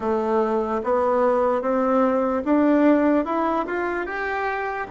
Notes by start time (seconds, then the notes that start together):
0.00 A3
0.83 B3
1.61 C4
2.44 D4
3.25 E4
3.66 F4
4.05 G4